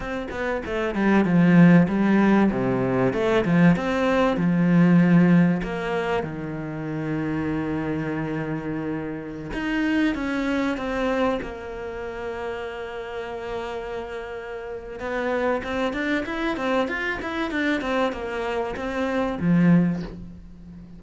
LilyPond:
\new Staff \with { instrumentName = "cello" } { \time 4/4 \tempo 4 = 96 c'8 b8 a8 g8 f4 g4 | c4 a8 f8 c'4 f4~ | f4 ais4 dis2~ | dis2.~ dis16 dis'8.~ |
dis'16 cis'4 c'4 ais4.~ ais16~ | ais1 | b4 c'8 d'8 e'8 c'8 f'8 e'8 | d'8 c'8 ais4 c'4 f4 | }